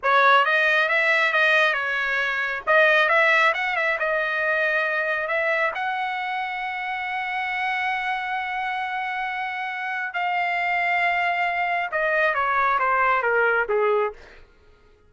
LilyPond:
\new Staff \with { instrumentName = "trumpet" } { \time 4/4 \tempo 4 = 136 cis''4 dis''4 e''4 dis''4 | cis''2 dis''4 e''4 | fis''8 e''8 dis''2. | e''4 fis''2.~ |
fis''1~ | fis''2. f''4~ | f''2. dis''4 | cis''4 c''4 ais'4 gis'4 | }